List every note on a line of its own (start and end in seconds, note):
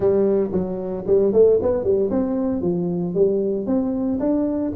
0.00 0.50 G3
0.52 1.04 F#3
1.06 1.33 G3
1.33 1.59 A3
1.61 1.83 B3
1.83 2.10 G3
2.10 2.61 C4
2.61 3.14 F3
3.14 3.66 G3
3.66 4.19 C4
4.19 4.72 D4